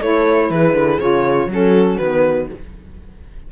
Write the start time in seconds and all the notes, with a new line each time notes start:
0.00 A3 E4 A4 C#5
0.50 E3 G#4 B4
0.74 D3
1.00 C#3 F4 C#5
1.47 F#3 C#4 F#4
1.54 A4
1.98 D#3 B3 B4